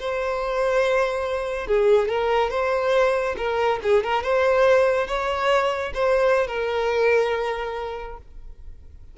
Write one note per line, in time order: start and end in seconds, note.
0.00 1.68 C5
1.68 2.09 G#4
2.09 2.51 A#4
2.51 3.36 C5
3.38 3.80 A#4
3.84 4.04 G#4
4.04 4.24 A#4
4.24 5.08 C5
5.08 5.93 C#5
5.94 6.48 C5
6.48 8.18 A#4